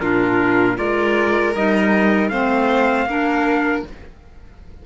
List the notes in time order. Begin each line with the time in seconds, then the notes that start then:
0.00 A#2 D4 F4 A#4
0.76 G#3 F4 A#4 D5
1.55 G3 D#4 D#5
2.29 A3 C4 C5 F5
3.06 A#3 D4 A#4